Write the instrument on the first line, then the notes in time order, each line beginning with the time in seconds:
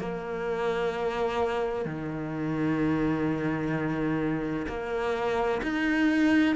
cello
0.00 A#3
1.85 D#3
4.68 A#3
5.63 D#4